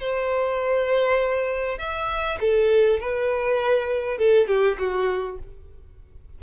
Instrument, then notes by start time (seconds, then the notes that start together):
violin
0.00 C5
1.78 E5
2.40 A4
3.00 B4
4.18 A4
4.47 G4
4.78 F#4